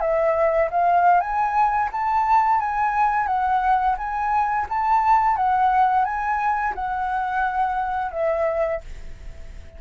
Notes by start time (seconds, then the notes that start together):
0.00 E5
0.70 F5
1.20 G#5
1.92 A5
2.60 G#5
3.26 F#5
3.97 G#5
4.69 A5
5.36 F#5
6.04 G#5
6.74 F#5
8.11 E5